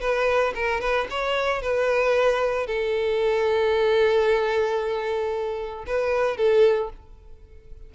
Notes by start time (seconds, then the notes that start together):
0.00 B4
0.55 A#4
0.80 B4
1.10 C#5
1.62 B4
2.66 A4
5.86 B4
6.36 A4